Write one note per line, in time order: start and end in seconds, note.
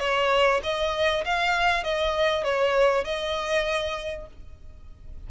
0.00 0.61 C#5
0.63 1.25 D#5
1.25 1.84 F5
1.84 2.44 D#5
2.44 3.05 C#5
3.05 4.27 D#5